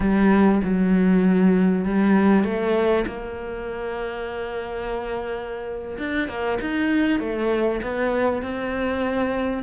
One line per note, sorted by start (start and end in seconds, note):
0.00 0.61 G3
0.63 1.84 F#3
1.84 2.44 G3
2.44 3.05 A3
3.06 5.97 A#3
5.97 6.28 D4
6.28 6.58 A#3
6.61 7.19 D#4
7.19 7.81 A3
7.82 8.42 B3
8.42 9.63 C4